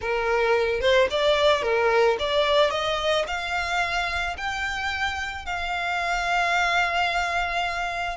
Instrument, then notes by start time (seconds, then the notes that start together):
violin
0.01 A#4
0.80 C5
1.10 D5
1.62 A#4
2.19 D5
2.70 D#5
3.27 F5
4.37 G5
5.45 F5